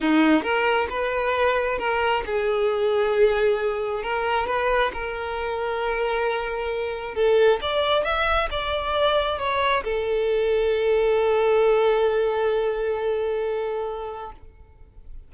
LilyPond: \new Staff \with { instrumentName = "violin" } { \time 4/4 \tempo 4 = 134 dis'4 ais'4 b'2 | ais'4 gis'2.~ | gis'4 ais'4 b'4 ais'4~ | ais'1 |
a'4 d''4 e''4 d''4~ | d''4 cis''4 a'2~ | a'1~ | a'1 | }